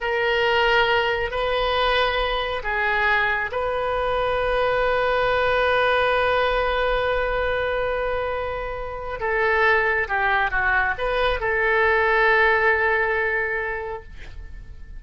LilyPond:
\new Staff \with { instrumentName = "oboe" } { \time 4/4 \tempo 4 = 137 ais'2. b'4~ | b'2 gis'2 | b'1~ | b'1~ |
b'1~ | b'4 a'2 g'4 | fis'4 b'4 a'2~ | a'1 | }